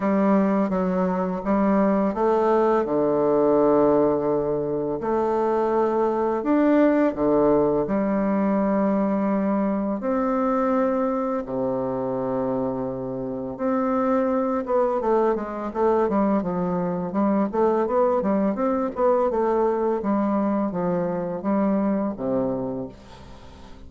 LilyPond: \new Staff \with { instrumentName = "bassoon" } { \time 4/4 \tempo 4 = 84 g4 fis4 g4 a4 | d2. a4~ | a4 d'4 d4 g4~ | g2 c'2 |
c2. c'4~ | c'8 b8 a8 gis8 a8 g8 f4 | g8 a8 b8 g8 c'8 b8 a4 | g4 f4 g4 c4 | }